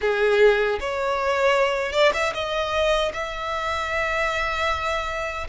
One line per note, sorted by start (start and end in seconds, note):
0.01 0.79 G#4
0.80 1.92 C#5
1.92 2.11 D5
2.13 2.33 E5
2.34 3.12 D#5
3.13 5.47 E5